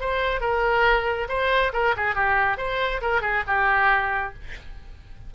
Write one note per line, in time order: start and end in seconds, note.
0.00 0.41 C5
0.41 1.27 A#4
1.28 1.72 C5
1.73 1.94 A#4
1.96 2.15 G#4
2.15 2.57 G4
2.57 3.01 C5
3.01 3.21 A#4
3.21 3.43 G#4
3.47 4.34 G4